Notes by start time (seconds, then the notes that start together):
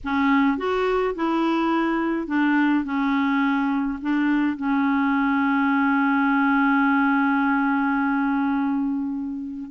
0.04 C#4
0.57 F#4
1.15 E4
2.27 D4
2.84 C#4
4.01 D4
4.56 C#4